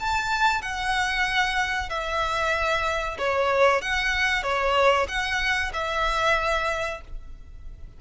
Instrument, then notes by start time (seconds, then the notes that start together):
violin
0.00 A5
0.62 F#5
1.90 E5
3.19 C#5
3.82 F#5
4.44 C#5
5.09 F#5
5.74 E5